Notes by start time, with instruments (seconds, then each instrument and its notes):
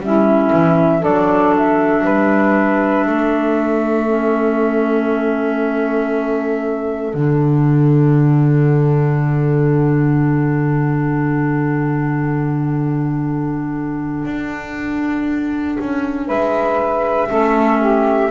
0.00 double bass G3, clarinet C#4, saxophone E4, flute E5
0.53 double bass E3
1.00 double bass F#3, clarinet D4, saxophone A4, flute D5
1.57 flute E5
2.04 double bass G3, saxophone B4
3.06 double bass A3, saxophone A4
4.07 clarinet C#4
7.13 double bass D3, clarinet D4, flute F#5
14.25 double bass D4
15.80 double bass C#4
16.26 double bass G#3, saxophone B4, flute E5
17.30 double bass A3, clarinet C#4, saxophone A4
17.80 saxophone G4